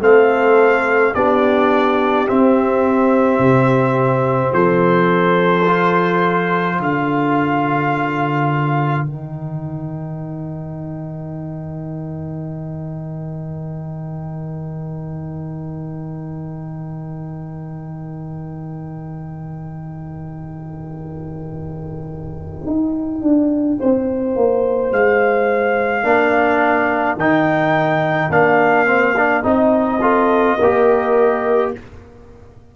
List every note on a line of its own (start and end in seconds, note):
0.00 1.13 A3
0.00 1.14 C4
0.00 1.13 A4
0.00 1.14 F5
1.14 2.28 B3
1.14 2.26 D4
1.14 4.54 G4
1.14 2.27 D5
2.26 5.66 C4
2.26 3.38 C4
2.26 4.53 E5
3.38 4.51 C3
4.53 6.79 F3
4.53 6.77 A4
4.53 6.80 C5
5.67 9.07 F4
6.77 9.03 D3
6.77 23.75 A#4
6.77 9.05 F5
9.03 22.62 D#3
9.03 26.03 D#4
9.03 24.90 G5
22.66 23.21 D#4
23.21 23.77 D4
23.79 24.36 C4
23.79 26.05 C5
24.36 24.91 A#3
24.91 26.03 G#3
24.91 27.18 F5
26.03 27.16 A#3
26.03 27.17 D4
26.03 30.01 A#4
27.16 28.29 D#3
27.16 28.31 D#4
27.16 28.31 G5
28.29 29.42 A#3
28.29 28.86 D4
28.29 29.45 F5
28.86 29.14 C4
29.16 29.43 D4
29.43 30.57 C4
29.43 29.99 D#4
29.43 31.73 D#5
30.01 30.58 F4
30.01 30.57 A4
30.57 31.73 A#3
30.57 31.75 G4
30.57 31.71 A#4